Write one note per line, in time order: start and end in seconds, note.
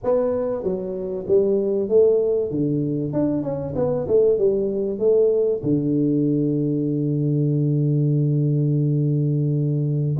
0.03 0.63 B3
0.63 1.25 F#3
1.27 1.89 G3
1.89 2.51 A3
2.51 3.12 D3
3.12 3.42 D4
3.42 3.74 C#4
3.75 4.07 B3
4.07 4.38 A3
4.38 4.98 G3
4.98 5.61 A3
5.63 10.16 D3